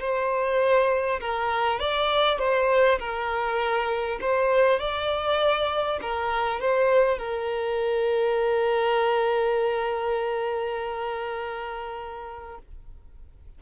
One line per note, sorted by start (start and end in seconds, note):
0.00 1.20 C5
1.20 1.79 A#4
1.79 2.39 D5
2.39 2.99 C5
2.99 4.19 A#4
4.21 4.79 C5
4.79 5.99 D5
6.02 6.60 A#4
6.60 7.18 C5
7.18 12.58 A#4